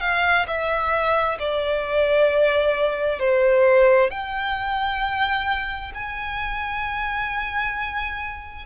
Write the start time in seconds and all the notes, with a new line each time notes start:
0.00 F5
0.47 E5
1.39 D5
3.19 C5
4.10 G5
5.94 G#5